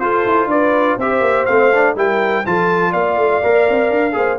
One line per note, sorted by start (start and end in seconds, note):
0.00 0.25 F4
0.00 1.00 F4
0.00 0.50 A4
0.00 0.49 C5
0.26 0.47 E4
0.47 0.96 D4
0.47 0.98 B4
0.47 0.99 D5
0.98 1.21 C4
0.98 1.49 G4
0.98 1.95 C5
0.98 1.46 E5
1.21 1.45 A#3
1.46 1.96 A3
1.46 1.73 C4
1.46 1.95 F5
1.74 1.97 D4
1.96 2.45 G3
1.96 2.46 E4
1.96 2.46 A#4
1.96 2.46 G5
2.46 2.94 F3
2.46 3.43 F4
2.46 2.91 A4
2.46 2.93 A5
2.91 3.17 A#3
2.91 4.13 D5
2.91 4.39 F5
3.17 3.42 A3
3.43 3.69 A#3
3.43 4.12 A#4
3.70 3.91 C4
3.91 4.15 D4
4.12 4.39 A#3
4.12 4.37 G#4
4.12 4.39 C5